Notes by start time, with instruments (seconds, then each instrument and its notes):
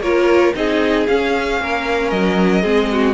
0.00 cello A#3, viola F4, violin A#4 C#5
0.54 cello C4, viola D#4, violin G#4 D#5
1.06 viola C#4, cello C#4, violin F5
1.60 cello A#3, violin A#4
2.10 cello F#3, violin D#5
2.62 cello G#3, viola C4, violin G#4
2.91 violin F#4